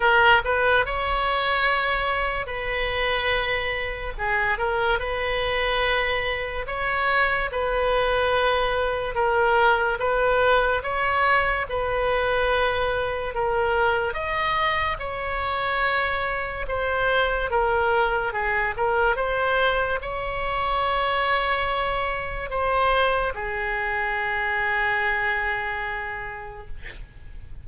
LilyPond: \new Staff \with { instrumentName = "oboe" } { \time 4/4 \tempo 4 = 72 ais'8 b'8 cis''2 b'4~ | b'4 gis'8 ais'8 b'2 | cis''4 b'2 ais'4 | b'4 cis''4 b'2 |
ais'4 dis''4 cis''2 | c''4 ais'4 gis'8 ais'8 c''4 | cis''2. c''4 | gis'1 | }